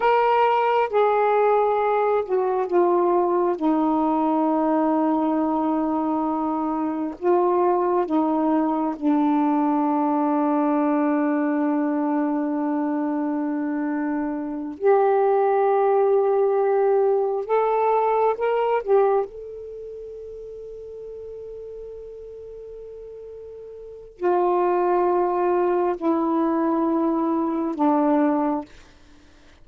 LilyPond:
\new Staff \with { instrumentName = "saxophone" } { \time 4/4 \tempo 4 = 67 ais'4 gis'4. fis'8 f'4 | dis'1 | f'4 dis'4 d'2~ | d'1~ |
d'8 g'2. a'8~ | a'8 ais'8 g'8 a'2~ a'8~ | a'2. f'4~ | f'4 e'2 d'4 | }